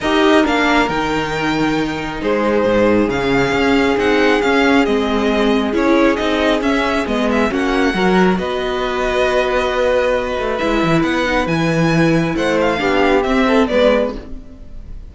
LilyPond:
<<
  \new Staff \with { instrumentName = "violin" } { \time 4/4 \tempo 4 = 136 dis''4 f''4 g''2~ | g''4 c''2 f''4~ | f''4 fis''4 f''4 dis''4~ | dis''4 cis''4 dis''4 e''4 |
dis''8 e''8 fis''2 dis''4~ | dis''1 | e''4 fis''4 gis''2 | fis''8 f''4. e''4 d''4 | }
  \new Staff \with { instrumentName = "violin" } { \time 4/4 ais'1~ | ais'4 gis'2.~ | gis'1~ | gis'1~ |
gis'4 fis'4 ais'4 b'4~ | b'1~ | b'1 | c''4 g'4. a'8 b'4 | }
  \new Staff \with { instrumentName = "viola" } { \time 4/4 g'4 d'4 dis'2~ | dis'2. cis'4~ | cis'4 dis'4 cis'4 c'4~ | c'4 e'4 dis'4 cis'4 |
b4 cis'4 fis'2~ | fis'1 | e'4. dis'8 e'2~ | e'4 d'4 c'4 b4 | }
  \new Staff \with { instrumentName = "cello" } { \time 4/4 dis'4 ais4 dis2~ | dis4 gis4 gis,4 cis4 | cis'4 c'4 cis'4 gis4~ | gis4 cis'4 c'4 cis'4 |
gis4 ais4 fis4 b4~ | b2.~ b8 a8 | gis8 e8 b4 e2 | a4 b4 c'4 gis4 | }
>>